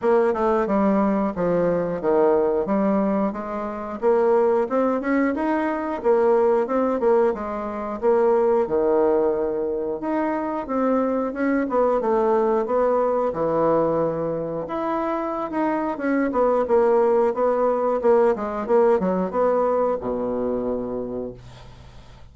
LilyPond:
\new Staff \with { instrumentName = "bassoon" } { \time 4/4 \tempo 4 = 90 ais8 a8 g4 f4 dis4 | g4 gis4 ais4 c'8 cis'8 | dis'4 ais4 c'8 ais8 gis4 | ais4 dis2 dis'4 |
c'4 cis'8 b8 a4 b4 | e2 e'4~ e'16 dis'8. | cis'8 b8 ais4 b4 ais8 gis8 | ais8 fis8 b4 b,2 | }